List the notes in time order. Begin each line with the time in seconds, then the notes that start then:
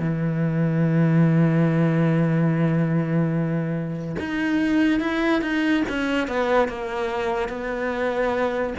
0.00 E3
4.20 D#4
5.00 E4
5.42 D#4
5.89 C#4
6.28 B3
6.69 A#3
7.49 B3